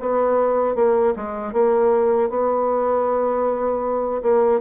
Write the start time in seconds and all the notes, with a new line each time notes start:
0.00 B3
0.75 A#3
1.16 G#3
1.52 A#3
2.29 B3
4.22 A#3